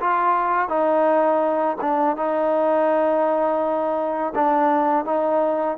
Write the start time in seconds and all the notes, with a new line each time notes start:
0.00 F4
0.68 D#4
1.81 D4
2.17 D#4
4.35 D4
5.05 D#4